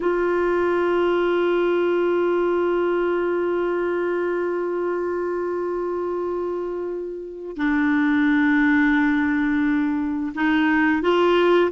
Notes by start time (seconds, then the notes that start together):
0.00 F4
7.56 D4
10.34 D#4
11.02 F4